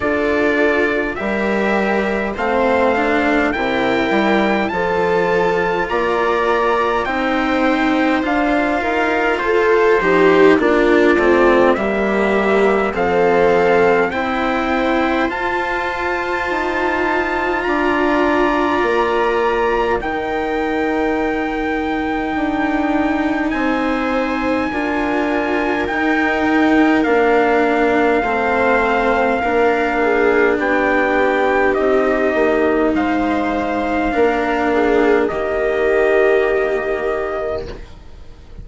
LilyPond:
<<
  \new Staff \with { instrumentName = "trumpet" } { \time 4/4 \tempo 4 = 51 d''4 e''4 f''4 g''4 | a''4 ais''4 g''4 f''4 | c''4 d''4 e''4 f''4 | g''4 a''2 ais''4~ |
ais''4 g''2. | gis''2 g''4 f''4~ | f''2 g''4 dis''4 | f''2 dis''2 | }
  \new Staff \with { instrumentName = "viola" } { \time 4/4 a'4 ais'4 c''4 ais'4 | a'4 d''4 c''4. ais'8 | a'8 g'8 f'4 g'4 a'4 | c''2. d''4~ |
d''4 ais'2. | c''4 ais'2. | c''4 ais'8 gis'8 g'2 | c''4 ais'8 gis'8 g'2 | }
  \new Staff \with { instrumentName = "cello" } { \time 4/4 f'4 g'4 c'8 d'8 e'4 | f'2 dis'4 f'4~ | f'8 dis'8 d'8 c'8 ais4 c'4 | e'4 f'2.~ |
f'4 dis'2.~ | dis'4 f'4 dis'4 d'4 | c'4 d'2 dis'4~ | dis'4 d'4 ais2 | }
  \new Staff \with { instrumentName = "bassoon" } { \time 4/4 d'4 g4 a4 c8 g8 | f4 ais4 c'4 d'8 dis'8 | f'8 f8 ais8 a8 g4 f4 | c'4 f'4 dis'4 d'4 |
ais4 dis2 d'4 | c'4 d'4 dis'4 ais4 | a4 ais4 b4 c'8 ais8 | gis4 ais4 dis2 | }
>>